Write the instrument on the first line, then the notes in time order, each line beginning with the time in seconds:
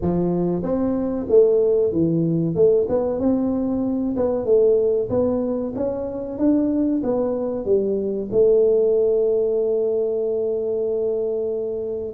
tuba
0.01 F3
0.62 C4
1.28 A3
1.92 E3
2.55 A3
2.88 B3
3.19 C4
4.16 B3
4.45 A3
5.09 B3
5.75 C#4
6.38 D4
7.03 B3
7.65 G3
8.32 A3